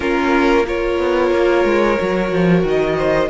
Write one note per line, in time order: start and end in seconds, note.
0.00 0.98 A#3
0.00 0.64 C#4
0.00 0.66 F4
0.00 0.66 A#4
0.65 1.97 F4
0.65 2.96 A#4
0.65 2.65 C#5
0.98 1.31 B3
1.31 1.64 A#3
1.64 1.97 G#3
1.98 2.32 F#3
1.98 3.29 F#4
2.32 2.63 F3
2.63 3.29 D#3
2.63 3.29 D#5
2.96 3.29 C5